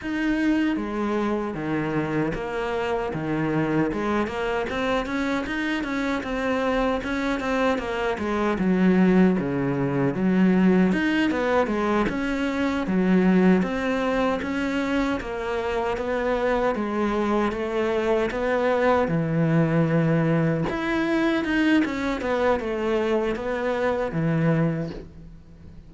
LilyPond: \new Staff \with { instrumentName = "cello" } { \time 4/4 \tempo 4 = 77 dis'4 gis4 dis4 ais4 | dis4 gis8 ais8 c'8 cis'8 dis'8 cis'8 | c'4 cis'8 c'8 ais8 gis8 fis4 | cis4 fis4 dis'8 b8 gis8 cis'8~ |
cis'8 fis4 c'4 cis'4 ais8~ | ais8 b4 gis4 a4 b8~ | b8 e2 e'4 dis'8 | cis'8 b8 a4 b4 e4 | }